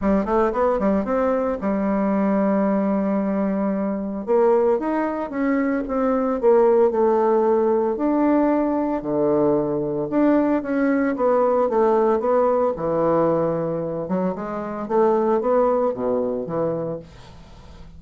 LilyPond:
\new Staff \with { instrumentName = "bassoon" } { \time 4/4 \tempo 4 = 113 g8 a8 b8 g8 c'4 g4~ | g1 | ais4 dis'4 cis'4 c'4 | ais4 a2 d'4~ |
d'4 d2 d'4 | cis'4 b4 a4 b4 | e2~ e8 fis8 gis4 | a4 b4 b,4 e4 | }